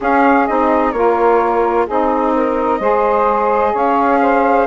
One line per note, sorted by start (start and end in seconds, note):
0.00 0.48 C#4
0.00 0.93 G#4
0.00 0.46 F5
0.46 0.93 C4
0.46 0.94 D#4
0.46 0.92 D#5
0.92 1.86 A#3
0.92 1.88 F4
0.92 1.86 A#4
0.92 1.85 C#5
1.86 2.79 C4
1.86 2.81 D#4
1.86 2.33 G#4
1.86 3.76 D#5
2.35 2.79 A#4
2.79 3.73 G#3
2.79 4.67 G#4
2.79 3.72 C5
3.72 4.67 C#4
3.72 4.19 C#5
3.72 4.67 F5
4.21 4.67 C5